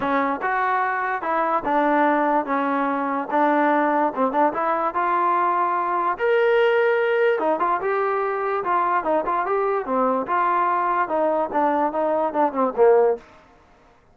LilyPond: \new Staff \with { instrumentName = "trombone" } { \time 4/4 \tempo 4 = 146 cis'4 fis'2 e'4 | d'2 cis'2 | d'2 c'8 d'8 e'4 | f'2. ais'4~ |
ais'2 dis'8 f'8 g'4~ | g'4 f'4 dis'8 f'8 g'4 | c'4 f'2 dis'4 | d'4 dis'4 d'8 c'8 ais4 | }